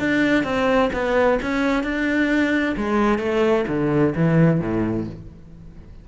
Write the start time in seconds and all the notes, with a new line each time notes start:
0.00 D4
0.44 C4
0.94 B3
1.43 C#4
1.84 D4
2.77 G#3
3.19 A3
3.68 D3
4.16 E3
4.61 A2